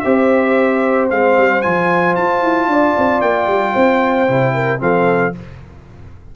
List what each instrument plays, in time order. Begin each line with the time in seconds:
0.00 tuba C4, trombone G4, horn C5, trumpet E5
1.10 tuba G#3, trombone C4, trumpet F5
1.37 tuba G3
1.61 tuba F3, trombone F4, trumpet G#5
2.15 tuba F4, trumpet A5
2.42 tuba E4
2.67 tuba D4, horn D5
2.97 tuba C4
3.21 tuba A#3, trumpet G5
3.47 tuba G3
3.73 tuba C4, horn C5
4.27 tuba C3, trombone E4
4.54 horn A#4
4.79 tuba F3, trombone C4, horn A4, trumpet F5